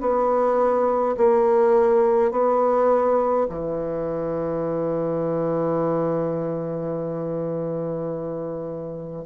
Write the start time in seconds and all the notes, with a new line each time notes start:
0.00 B3
1.17 A#3
2.31 B3
3.49 E3